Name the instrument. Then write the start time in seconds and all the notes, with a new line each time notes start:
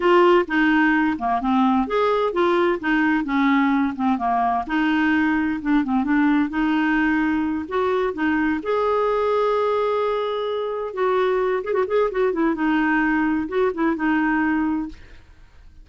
clarinet
0.00 F4
0.47 D#4
1.18 A#3
1.41 C4
1.87 G#4
2.33 F4
2.79 D#4
3.24 C#4
3.95 C4
4.18 A#3
4.67 D#4
5.61 D4
5.84 C4
6.03 D4
6.49 D#4
7.68 F#4
8.13 D#4
8.63 G#4
10.93 F#4
11.63 G#4
11.73 F#4
11.87 G#4
12.11 F#4
12.32 E4
12.55 D#4
13.48 F#4
13.74 E4
13.95 D#4